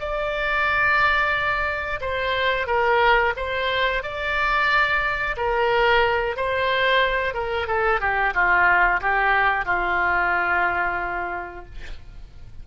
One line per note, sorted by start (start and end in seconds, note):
0.00 2.00 D5
2.01 2.67 C5
2.67 3.34 A#4
3.37 4.03 C5
4.03 5.36 D5
5.37 6.37 A#4
6.37 7.34 C5
7.34 7.67 A#4
7.68 8.00 A4
8.00 8.34 G4
8.34 9.01 F4
9.01 9.65 G4
9.65 11.65 F4